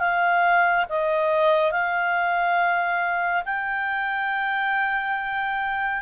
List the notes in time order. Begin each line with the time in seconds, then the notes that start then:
0.00 F5
0.90 D#5
1.72 F5
3.46 G5